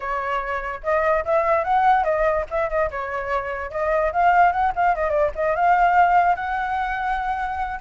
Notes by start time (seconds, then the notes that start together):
0.00 C#5
0.83 D#5
1.24 E5
1.63 F#5
2.03 D#5
2.50 E5
2.69 D#5
2.90 C#5
3.71 D#5
4.12 F5
4.51 F#5
4.75 F5
4.95 D#5
5.10 D5
5.35 D#5
5.55 F5
6.35 F#5